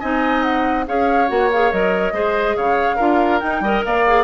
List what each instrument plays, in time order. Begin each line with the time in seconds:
0.00 bassoon C4, clarinet D#4, oboe D#5, flute G#5
0.43 flute F#5
0.87 bassoon C#4, clarinet G#4, oboe C#5, flute F5
1.28 bassoon A#3, clarinet F#4, flute F#5
1.51 clarinet G#4, flute F5
1.72 bassoon F#3, clarinet A#4, flute D#5
2.12 bassoon G#3, clarinet G#4, oboe C5
2.56 bassoon C#3, oboe C#5, flute F5
2.96 bassoon D4, clarinet F4, oboe A#4
3.40 clarinet D#4, bassoon D#4, flute G5
3.61 bassoon G3, clarinet A#4, oboe D#5
3.85 bassoon A#3, oboe D5, flute F5
4.07 clarinet G#4